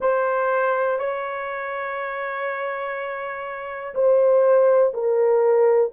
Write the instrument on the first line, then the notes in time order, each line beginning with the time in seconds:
horn
0.00 C5
0.98 C#5
3.94 C5
4.93 A#4